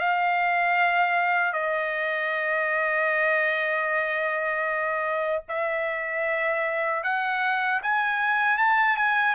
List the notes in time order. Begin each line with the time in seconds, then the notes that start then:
0.00 F5
1.53 D#5
5.49 E5
7.04 F#5
7.83 G#5
8.58 A5
8.97 G#5